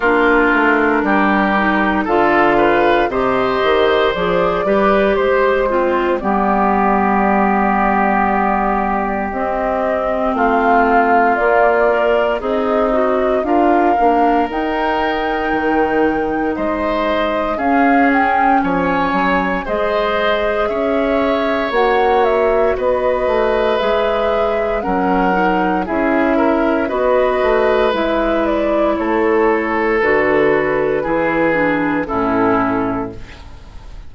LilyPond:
<<
  \new Staff \with { instrumentName = "flute" } { \time 4/4 \tempo 4 = 58 ais'2 f''4 dis''4 | d''4 c''4 d''2~ | d''4 dis''4 f''4 d''4 | dis''4 f''4 g''2 |
dis''4 f''8 g''8 gis''4 dis''4 | e''4 fis''8 e''8 dis''4 e''4 | fis''4 e''4 dis''4 e''8 d''8 | cis''4 b'2 a'4 | }
  \new Staff \with { instrumentName = "oboe" } { \time 4/4 f'4 g'4 a'8 b'8 c''4~ | c''8 b'8 c''8 c'8 g'2~ | g'2 f'2 | dis'4 ais'2. |
c''4 gis'4 cis''4 c''4 | cis''2 b'2 | ais'4 gis'8 ais'8 b'2 | a'2 gis'4 e'4 | }
  \new Staff \with { instrumentName = "clarinet" } { \time 4/4 d'4. dis'8 f'4 g'4 | gis'8 g'4 f'8 b2~ | b4 c'2 ais8 ais'8 | gis'8 fis'8 f'8 d'8 dis'2~ |
dis'4 cis'2 gis'4~ | gis'4 fis'2 gis'4 | cis'8 dis'8 e'4 fis'4 e'4~ | e'4 fis'4 e'8 d'8 cis'4 | }
  \new Staff \with { instrumentName = "bassoon" } { \time 4/4 ais8 a8 g4 d4 c8 dis8 | f8 g8 gis4 g2~ | g4 c'4 a4 ais4 | c'4 d'8 ais8 dis'4 dis4 |
gis4 cis'4 f8 fis8 gis4 | cis'4 ais4 b8 a8 gis4 | fis4 cis'4 b8 a8 gis4 | a4 d4 e4 a,4 | }
>>